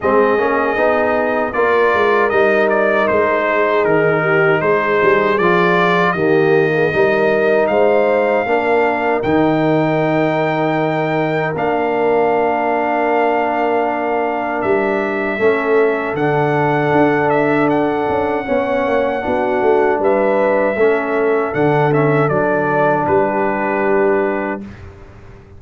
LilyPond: <<
  \new Staff \with { instrumentName = "trumpet" } { \time 4/4 \tempo 4 = 78 dis''2 d''4 dis''8 d''8 | c''4 ais'4 c''4 d''4 | dis''2 f''2 | g''2. f''4~ |
f''2. e''4~ | e''4 fis''4. e''8 fis''4~ | fis''2 e''2 | fis''8 e''8 d''4 b'2 | }
  \new Staff \with { instrumentName = "horn" } { \time 4/4 gis'2 ais'2~ | ais'8 gis'4 g'8 gis'2 | g'8. gis'16 ais'4 c''4 ais'4~ | ais'1~ |
ais'1 | a'1 | cis''4 fis'4 b'4 a'4~ | a'2 g'2 | }
  \new Staff \with { instrumentName = "trombone" } { \time 4/4 c'8 cis'8 dis'4 f'4 dis'4~ | dis'2. f'4 | ais4 dis'2 d'4 | dis'2. d'4~ |
d'1 | cis'4 d'2. | cis'4 d'2 cis'4 | d'8 cis'8 d'2. | }
  \new Staff \with { instrumentName = "tuba" } { \time 4/4 gis8 ais8 b4 ais8 gis8 g4 | gis4 dis4 gis8 g8 f4 | dis4 g4 gis4 ais4 | dis2. ais4~ |
ais2. g4 | a4 d4 d'4. cis'8 | b8 ais8 b8 a8 g4 a4 | d4 fis4 g2 | }
>>